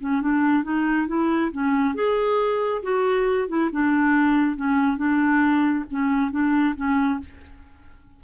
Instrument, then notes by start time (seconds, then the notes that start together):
clarinet
0.00 C#4
0.21 D4
0.63 D#4
1.07 E4
1.51 C#4
1.94 G#4
2.82 F#4
3.48 E4
3.71 D4
4.56 C#4
4.97 D4
5.90 C#4
6.31 D4
6.76 C#4